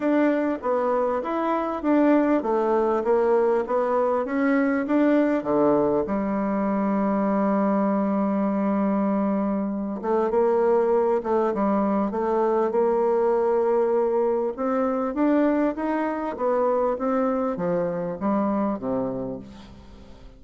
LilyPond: \new Staff \with { instrumentName = "bassoon" } { \time 4/4 \tempo 4 = 99 d'4 b4 e'4 d'4 | a4 ais4 b4 cis'4 | d'4 d4 g2~ | g1~ |
g8 a8 ais4. a8 g4 | a4 ais2. | c'4 d'4 dis'4 b4 | c'4 f4 g4 c4 | }